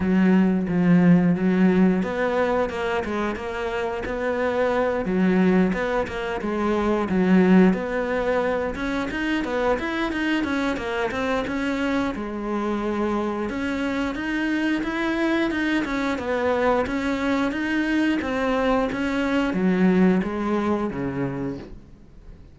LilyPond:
\new Staff \with { instrumentName = "cello" } { \time 4/4 \tempo 4 = 89 fis4 f4 fis4 b4 | ais8 gis8 ais4 b4. fis8~ | fis8 b8 ais8 gis4 fis4 b8~ | b4 cis'8 dis'8 b8 e'8 dis'8 cis'8 |
ais8 c'8 cis'4 gis2 | cis'4 dis'4 e'4 dis'8 cis'8 | b4 cis'4 dis'4 c'4 | cis'4 fis4 gis4 cis4 | }